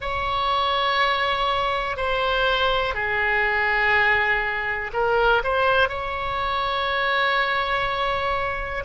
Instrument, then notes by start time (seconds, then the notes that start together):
oboe
0.00 C#5
1.96 C5
2.94 G#4
4.93 A#4
5.43 C5
5.88 C#5